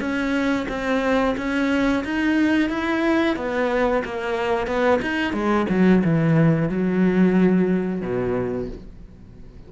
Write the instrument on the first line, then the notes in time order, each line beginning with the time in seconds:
cello
0.00 C#4
0.68 C4
1.37 C#4
2.04 D#4
2.69 E4
3.36 B3
4.04 A#3
4.67 B3
5.02 D#4
5.33 G#3
5.69 F#3
6.04 E3
6.68 F#3
8.01 B2